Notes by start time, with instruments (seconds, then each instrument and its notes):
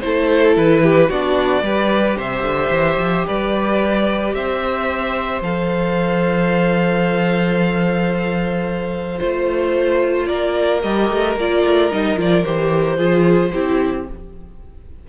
0.00 cello A3, viola E4, violin A4 C5
0.56 cello E3, violin B4
0.83 violin G4
1.09 cello B3, viola D4, violin F#4 D5
1.61 cello G3, viola G4, violin B4
2.17 cello C3, violin C5 E5
2.42 cello D3
2.70 cello E3
2.97 cello F3
3.26 cello G3, violin B4 D5
4.34 cello C4, violin C5 E5
5.41 cello F3, viola A4, violin F5
9.18 cello A3, viola F4, violin C5
10.26 cello A#3, violin A#4 D5
10.82 cello G3, viola G4, violin D#5
11.09 cello A3
11.35 cello A#3, viola F4, violin D5
11.64 cello A3
11.91 cello G3, viola D#4, violin D#5
12.17 cello F3, viola F4, violin D5
12.44 cello E3, viola G4, violin C5
12.96 cello F3, viola F4, violin G#4
13.53 cello C4, viola E4, violin G4